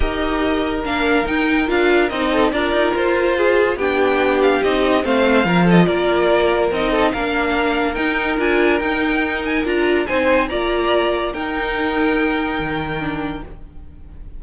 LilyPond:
<<
  \new Staff \with { instrumentName = "violin" } { \time 4/4 \tempo 4 = 143 dis''2 f''4 g''4 | f''4 dis''4 d''4 c''4~ | c''4 g''4. f''8 dis''4 | f''4. dis''8 d''2 |
dis''4 f''2 g''4 | gis''4 g''4. gis''8 ais''4 | gis''4 ais''2 g''4~ | g''1 | }
  \new Staff \with { instrumentName = "violin" } { \time 4/4 ais'1~ | ais'4. a'8 ais'2 | gis'4 g'2. | c''4 ais'8 a'8 ais'2~ |
ais'8 a'8 ais'2.~ | ais'1 | c''4 d''2 ais'4~ | ais'1 | }
  \new Staff \with { instrumentName = "viola" } { \time 4/4 g'2 d'4 dis'4 | f'4 dis'4 f'2~ | f'4 d'2 dis'4 | c'4 f'2. |
dis'4 d'2 dis'4 | f'4 dis'2 f'4 | dis'4 f'2 dis'4~ | dis'2. d'4 | }
  \new Staff \with { instrumentName = "cello" } { \time 4/4 dis'2 ais4 dis'4 | d'4 c'4 d'8 dis'8 f'4~ | f'4 b2 c'4 | a4 f4 ais2 |
c'4 ais2 dis'4 | d'4 dis'2 d'4 | c'4 ais2 dis'4~ | dis'2 dis2 | }
>>